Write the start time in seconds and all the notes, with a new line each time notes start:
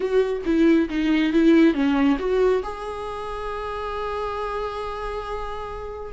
0.00 F#4
0.45 E4
0.89 D#4
1.33 E4
1.73 C#4
2.18 F#4
2.63 G#4